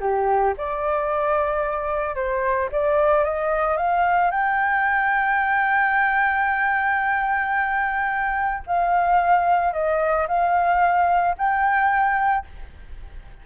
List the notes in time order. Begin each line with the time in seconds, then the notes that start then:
0.00 G4
0.57 D5
2.15 C5
2.71 D5
3.24 D#5
3.77 F5
4.31 G5
8.67 F5
9.73 D#5
10.28 F5
11.38 G5